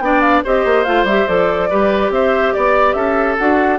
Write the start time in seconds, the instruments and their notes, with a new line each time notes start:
0.00 bassoon B3, clarinet D4, oboe D5, flute G5
0.21 flute F5
0.44 bassoon C4, clarinet G4, oboe C5, flute D#5
0.65 bassoon A#3
0.84 bassoon A3, clarinet F4, flute F5
1.04 bassoon G3, clarinet G4, flute E5
1.28 bassoon F3, clarinet A4, flute D5
1.70 bassoon G3, clarinet G4, oboe B4
2.10 bassoon C4, oboe C5, flute E5
2.54 bassoon B3, flute D5, oboe D5
2.94 bassoon C#4, oboe A4, flute E5
3.38 bassoon D4, clarinet F#4, flute F#5